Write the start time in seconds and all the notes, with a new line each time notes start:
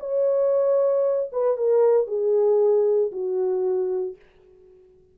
0.00 C#5
1.33 B4
1.57 A#4
2.07 G#4
3.12 F#4